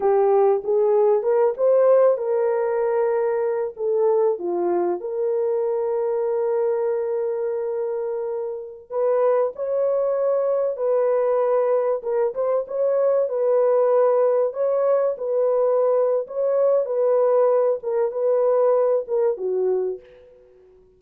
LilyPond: \new Staff \with { instrumentName = "horn" } { \time 4/4 \tempo 4 = 96 g'4 gis'4 ais'8 c''4 ais'8~ | ais'2 a'4 f'4 | ais'1~ | ais'2~ ais'16 b'4 cis''8.~ |
cis''4~ cis''16 b'2 ais'8 c''16~ | c''16 cis''4 b'2 cis''8.~ | cis''16 b'4.~ b'16 cis''4 b'4~ | b'8 ais'8 b'4. ais'8 fis'4 | }